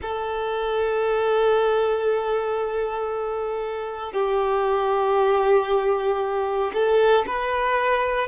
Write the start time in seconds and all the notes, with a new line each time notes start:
0.02 A4
4.12 G4
6.73 A4
7.26 B4